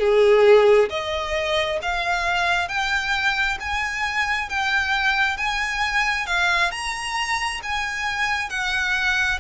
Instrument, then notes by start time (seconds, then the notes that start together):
violin
0.00 G#4
0.90 D#5
1.82 F5
2.69 G5
3.60 G#5
4.49 G5
5.37 G#5
6.26 F5
6.71 A#5
7.63 G#5
8.50 F#5